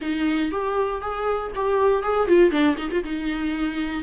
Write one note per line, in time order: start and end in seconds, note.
0.01 0.51 D#4
0.51 1.01 G4
1.01 1.51 G#4
1.55 2.02 G4
2.02 2.27 G#4
2.27 2.50 F4
2.50 2.75 D4
2.77 2.89 D#4
2.91 3.03 F4
3.04 4.03 D#4